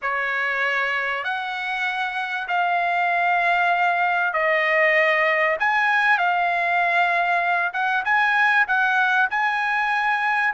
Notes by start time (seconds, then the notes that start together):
0.02 C#5
1.24 F#5
2.47 F5
4.33 D#5
5.59 G#5
6.17 F5
7.73 F#5
8.04 G#5
8.67 F#5
9.30 G#5